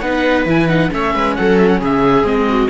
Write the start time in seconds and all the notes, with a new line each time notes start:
0.00 B3 D#4 B4 F#5
0.46 E3 E4 G#5
0.68 D#4 F#5
0.90 A3 C#4 C#5 E5
1.14 G#3 B4
1.35 F#3 A4 F#5
1.58 E5
1.67 F#5
1.80 C#3 G#4 E5
2.23 G#3 C4 D#5
2.49 F#4